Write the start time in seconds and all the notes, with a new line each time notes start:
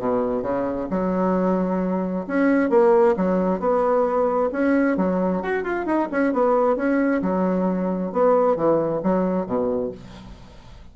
0.00 B2
0.43 C#3
0.91 F#3
2.28 C#4
2.70 A#3
3.17 F#3
3.60 B3
4.53 C#4
4.97 F#3
5.43 F#4
5.64 F4
5.86 D#4
6.12 C#4
6.34 B3
6.77 C#4
7.22 F#3
8.13 B3
8.57 E3
9.03 F#3
9.47 B2